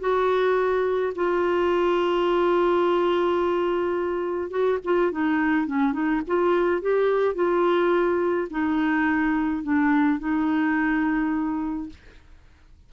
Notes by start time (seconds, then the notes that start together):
0.00 F#4
1.15 F4
4.50 F#4
4.84 F4
5.11 D#4
5.67 C#4
5.93 D#4
6.27 F4
6.82 G4
7.35 F4
8.50 D#4
9.63 D4
10.19 D#4